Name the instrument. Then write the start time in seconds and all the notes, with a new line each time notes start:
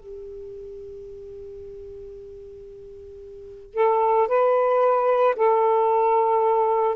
saxophone
0.00 G4
3.75 A4
4.28 B4
5.36 A4